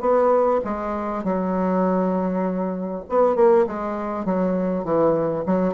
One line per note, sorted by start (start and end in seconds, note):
0.00 0.60 B3
0.64 1.24 G#3
1.24 3.04 F#3
3.09 3.35 B3
3.35 3.65 A#3
3.67 4.25 G#3
4.25 4.84 F#3
4.84 5.44 E3
5.46 5.74 F#3